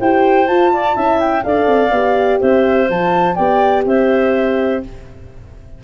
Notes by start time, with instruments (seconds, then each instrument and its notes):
0.00 tuba E4, horn G4, clarinet C5, flute G5
0.47 horn F4, tuba F4, flute A5
0.73 clarinet D5
0.94 tuba C#4, horn E4, clarinet E5
1.20 flute G5
1.44 tuba D4, horn A4, clarinet D5, flute F5
1.67 tuba C4
1.92 tuba B3, horn G4
2.40 tuba C4, clarinet C5, flute E5
2.89 tuba F3, horn F4, flute A5
3.35 tuba B3, horn G4, clarinet D5, flute G5
3.85 tuba C4, clarinet C5, flute E5